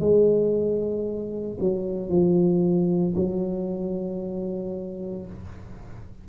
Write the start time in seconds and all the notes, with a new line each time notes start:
0.00 G#3
1.60 F#3
2.09 F3
3.16 F#3